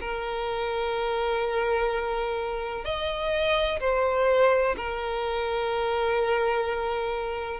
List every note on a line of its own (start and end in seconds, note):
0.00 2.84 A#4
2.84 3.79 D#5
3.80 4.75 C5
4.76 7.60 A#4